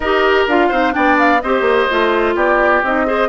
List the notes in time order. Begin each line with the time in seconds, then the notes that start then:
0.00 D#4 G4 A#4 D#5
0.47 D4 F4 F5
0.69 C4 D#4 C5
0.91 B3 D4 D5 G5
1.19 F5
1.41 C4 G4 C5 D#5
1.61 A#3
1.89 A3 F4
2.35 B3 G4 D5
2.83 C4 D#4 D#5
3.06 G#4 C5